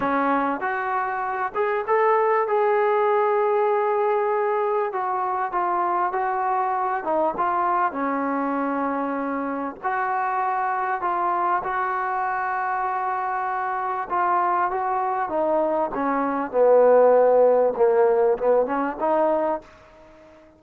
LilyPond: \new Staff \with { instrumentName = "trombone" } { \time 4/4 \tempo 4 = 98 cis'4 fis'4. gis'8 a'4 | gis'1 | fis'4 f'4 fis'4. dis'8 | f'4 cis'2. |
fis'2 f'4 fis'4~ | fis'2. f'4 | fis'4 dis'4 cis'4 b4~ | b4 ais4 b8 cis'8 dis'4 | }